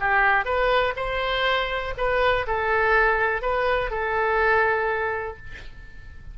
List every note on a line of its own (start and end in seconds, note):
0.00 0.45 G4
0.45 0.94 B4
0.96 1.94 C5
1.98 2.46 B4
2.47 3.42 A4
3.42 3.91 B4
3.91 5.37 A4